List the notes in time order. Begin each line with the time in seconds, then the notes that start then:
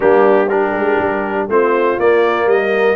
0.00 G3 A#3 D4 G4
0.48 D4 G4 A#4
0.72 G#3
0.99 G3
1.48 A3 C4 F4 C5
1.98 A#3 D5
2.46 G3 A#4 D#5